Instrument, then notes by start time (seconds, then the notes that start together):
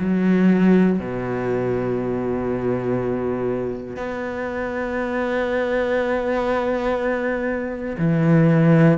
cello
0.00 F#3
1.00 B2
3.97 B3
7.99 E3